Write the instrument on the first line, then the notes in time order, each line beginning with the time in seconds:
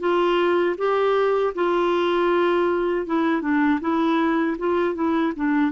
clarinet
0.00 F4
0.78 G4
1.55 F4
3.06 E4
3.42 D4
3.81 E4
4.58 F4
4.95 E4
5.36 D4